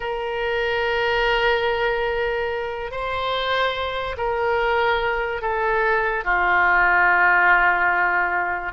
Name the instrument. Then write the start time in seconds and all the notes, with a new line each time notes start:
oboe
0.00 A#4
2.91 C5
4.17 A#4
5.41 A4
6.24 F4